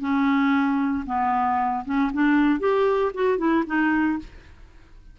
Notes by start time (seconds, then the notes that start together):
0.00 C#4
1.06 B3
1.85 C#4
2.13 D4
2.60 G4
3.14 F#4
3.38 E4
3.66 D#4